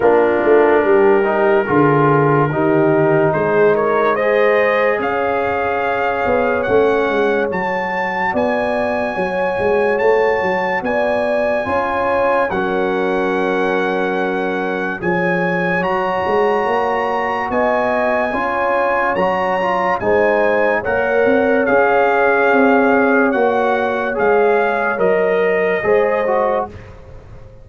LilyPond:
<<
  \new Staff \with { instrumentName = "trumpet" } { \time 4/4 \tempo 4 = 72 ais'1 | c''8 cis''8 dis''4 f''2 | fis''4 a''4 gis''2 | a''4 gis''2 fis''4~ |
fis''2 gis''4 ais''4~ | ais''4 gis''2 ais''4 | gis''4 fis''4 f''2 | fis''4 f''4 dis''2 | }
  \new Staff \with { instrumentName = "horn" } { \time 4/4 f'4 g'4 gis'4 g'4 | gis'8 ais'8 c''4 cis''2~ | cis''2 d''4 cis''4~ | cis''4 d''4 cis''4 ais'4~ |
ais'2 cis''2~ | cis''4 dis''4 cis''2 | c''4 cis''2.~ | cis''2. c''4 | }
  \new Staff \with { instrumentName = "trombone" } { \time 4/4 d'4. dis'8 f'4 dis'4~ | dis'4 gis'2. | cis'4 fis'2.~ | fis'2 f'4 cis'4~ |
cis'2 gis'4 fis'4~ | fis'2 f'4 fis'8 f'8 | dis'4 ais'4 gis'2 | fis'4 gis'4 ais'4 gis'8 fis'8 | }
  \new Staff \with { instrumentName = "tuba" } { \time 4/4 ais8 a8 g4 d4 dis4 | gis2 cis'4. b8 | a8 gis8 fis4 b4 fis8 gis8 | a8 fis8 b4 cis'4 fis4~ |
fis2 f4 fis8 gis8 | ais4 b4 cis'4 fis4 | gis4 ais8 c'8 cis'4 c'4 | ais4 gis4 fis4 gis4 | }
>>